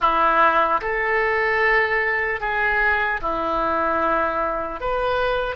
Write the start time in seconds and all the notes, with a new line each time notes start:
0.00 E4
0.81 A4
2.40 G#4
3.21 E4
4.80 B4